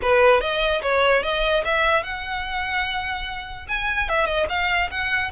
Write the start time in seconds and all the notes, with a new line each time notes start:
0.01 B4
0.40 D#5
0.82 C#5
1.22 D#5
1.64 E5
2.03 F#5
3.68 G#5
4.08 E5
4.26 D#5
4.49 F5
4.90 F#5